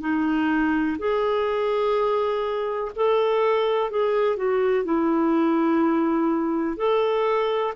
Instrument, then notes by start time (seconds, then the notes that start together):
clarinet
0.00 D#4
0.98 G#4
2.95 A4
3.90 G#4
4.36 F#4
4.84 E4
6.77 A4